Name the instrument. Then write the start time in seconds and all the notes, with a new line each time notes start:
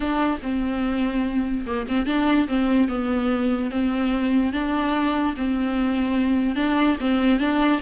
viola
0.00 D4
0.42 C4
1.66 A#3
1.87 C4
2.06 D4
2.48 C4
2.88 B3
3.70 C4
4.52 D4
5.36 C4
6.55 D4
7.00 C4
7.39 D4